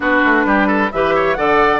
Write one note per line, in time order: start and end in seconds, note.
0.00 0.21 B3
0.00 0.90 D4
0.00 0.46 F#4
0.00 0.91 B4
0.24 0.45 A3
0.45 0.90 G3
0.45 0.67 G4
0.67 0.90 A4
0.91 1.37 E3
0.91 1.36 G4
0.91 1.14 B4
0.91 1.33 E5
1.14 1.37 C#5
1.33 1.80 D3
1.33 1.80 A4
1.33 1.80 D5
1.33 1.79 F#5